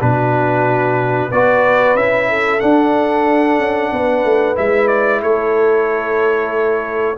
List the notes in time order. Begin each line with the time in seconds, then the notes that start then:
0.00 B2 D4 F#4 B4
1.31 B3 F#4 B4 D5
1.95 C#4 E4 E5
2.29 A4
2.60 D4 F#5
3.59 C#4
3.93 B3 B4
4.24 A3
4.55 G#3 E4 E5
4.87 D5
5.22 A3 A4 C#5